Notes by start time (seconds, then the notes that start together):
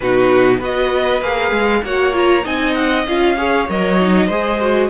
0.00 B2 D#4 F#4 B4
0.58 B3 F#4 B4 D#5
1.21 A#3 G#4 F5
1.51 G#3
1.83 A#3 F#4 C#5 F#5
2.12 F4 A#5
2.43 C4 D#4 D#5 G#5
2.73 F#5
3.07 C#4 F4 F5
3.37 G#4 C#5
3.68 F#3 A#4 D#5
4.00 D#4
4.26 G#3 G#4 C5
4.60 F#4